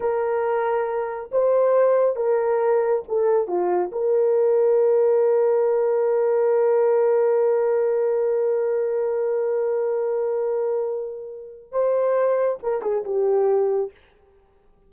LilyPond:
\new Staff \with { instrumentName = "horn" } { \time 4/4 \tempo 4 = 138 ais'2. c''4~ | c''4 ais'2 a'4 | f'4 ais'2.~ | ais'1~ |
ais'1~ | ais'1~ | ais'2. c''4~ | c''4 ais'8 gis'8 g'2 | }